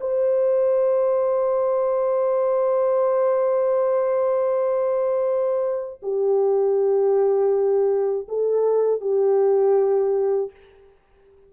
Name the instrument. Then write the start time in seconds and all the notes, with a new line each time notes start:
horn
0.00 C5
6.02 G4
8.28 A4
9.00 G4